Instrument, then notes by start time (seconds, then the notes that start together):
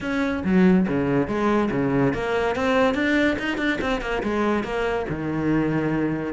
cello
0.00 C#4
0.44 F#3
0.88 C#3
1.27 G#3
1.71 C#3
2.13 A#3
2.55 C4
2.94 D4
3.38 D#4
3.57 D4
3.81 C4
4.01 A#3
4.23 G#3
4.63 A#3
5.09 D#3